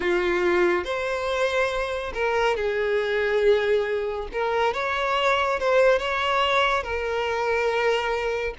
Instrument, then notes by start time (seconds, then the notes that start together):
violin
0.00 F4
0.84 C5
2.14 A#4
2.56 G#4
4.32 A#4
4.73 C#5
5.59 C5
5.98 C#5
6.83 A#4